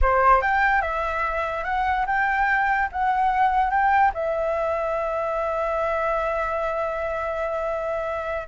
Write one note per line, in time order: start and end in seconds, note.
0.01 0.41 C5
0.41 0.81 G5
0.81 1.64 E5
1.64 2.05 F#5
2.06 2.89 G5
2.92 3.70 F#5
3.70 4.11 G5
4.13 8.47 E5